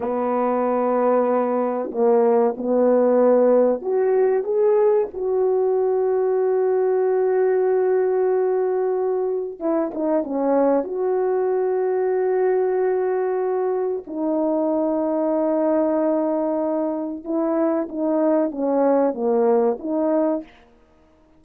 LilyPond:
\new Staff \with { instrumentName = "horn" } { \time 4/4 \tempo 4 = 94 b2. ais4 | b2 fis'4 gis'4 | fis'1~ | fis'2. e'8 dis'8 |
cis'4 fis'2.~ | fis'2 dis'2~ | dis'2. e'4 | dis'4 cis'4 ais4 dis'4 | }